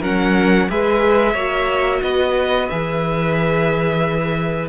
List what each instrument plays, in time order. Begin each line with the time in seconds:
0.00 cello F#3, viola C#4, violin A#4 F#5
0.68 cello G#3, viola G#4, violin B4 E5
1.33 cello A#3, viola F#4, violin C#5
2.02 cello B3, violin B4 D#5
2.68 cello E3, viola G#4, violin E5